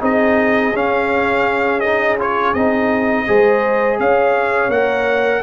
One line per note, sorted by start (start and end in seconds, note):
0.00 0.73 C4
0.00 0.72 D#4
0.00 3.26 G#4
0.00 0.77 D#5
0.73 2.54 C#4
0.73 1.84 C#4
0.73 1.80 F5
1.80 2.19 D#4
1.80 2.17 D#5
2.19 2.55 F4
2.19 2.54 C#5
2.54 3.27 C4
2.54 3.28 D#4
2.54 3.99 D#5
3.28 4.00 G#3
3.28 4.72 G#4
3.28 4.00 C5
4.00 4.69 C#4
4.00 5.43 C#5
4.00 4.71 F5
4.69 5.42 A#3
4.69 5.43 A#4
4.69 5.43 F#5